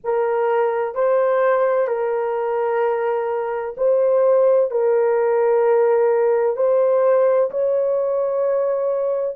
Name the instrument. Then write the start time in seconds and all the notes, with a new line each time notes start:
horn
0.03 A#4
0.95 C5
1.87 A#4
3.77 C5
4.70 A#4
6.56 C5
7.50 C#5